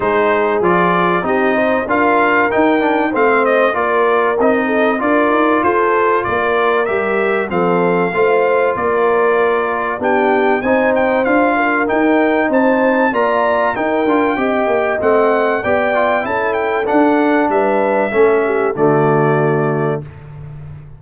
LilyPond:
<<
  \new Staff \with { instrumentName = "trumpet" } { \time 4/4 \tempo 4 = 96 c''4 d''4 dis''4 f''4 | g''4 f''8 dis''8 d''4 dis''4 | d''4 c''4 d''4 e''4 | f''2 d''2 |
g''4 gis''8 g''8 f''4 g''4 | a''4 ais''4 g''2 | fis''4 g''4 a''8 g''8 fis''4 | e''2 d''2 | }
  \new Staff \with { instrumentName = "horn" } { \time 4/4 gis'2 g'8 c''8 ais'4~ | ais'4 c''4 ais'4. a'8 | ais'4 a'4 ais'2 | a'4 c''4 ais'2 |
g'4 c''4. ais'4. | c''4 d''4 ais'4 dis''4~ | dis''4 d''4 a'2 | b'4 a'8 g'8 fis'2 | }
  \new Staff \with { instrumentName = "trombone" } { \time 4/4 dis'4 f'4 dis'4 f'4 | dis'8 d'8 c'4 f'4 dis'4 | f'2. g'4 | c'4 f'2. |
d'4 dis'4 f'4 dis'4~ | dis'4 f'4 dis'8 f'8 g'4 | c'4 g'8 f'8 e'4 d'4~ | d'4 cis'4 a2 | }
  \new Staff \with { instrumentName = "tuba" } { \time 4/4 gis4 f4 c'4 d'4 | dis'4 a4 ais4 c'4 | d'8 dis'8 f'4 ais4 g4 | f4 a4 ais2 |
b4 c'4 d'4 dis'4 | c'4 ais4 dis'8 d'8 c'8 ais8 | a4 b4 cis'4 d'4 | g4 a4 d2 | }
>>